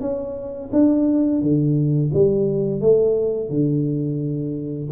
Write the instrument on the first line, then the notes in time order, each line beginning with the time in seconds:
tuba
0.00 C#4
0.72 D4
1.41 D3
2.13 G3
2.81 A3
3.49 D3